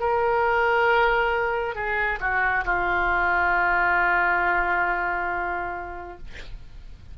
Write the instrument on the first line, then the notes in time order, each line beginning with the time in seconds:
oboe
0.00 A#4
1.75 G#4
2.20 F#4
2.65 F4